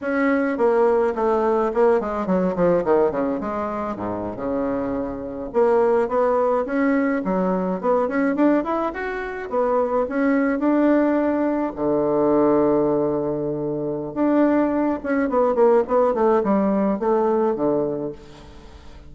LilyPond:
\new Staff \with { instrumentName = "bassoon" } { \time 4/4 \tempo 4 = 106 cis'4 ais4 a4 ais8 gis8 | fis8 f8 dis8 cis8 gis4 gis,8. cis16~ | cis4.~ cis16 ais4 b4 cis'16~ | cis'8. fis4 b8 cis'8 d'8 e'8 fis'16~ |
fis'8. b4 cis'4 d'4~ d'16~ | d'8. d2.~ d16~ | d4 d'4. cis'8 b8 ais8 | b8 a8 g4 a4 d4 | }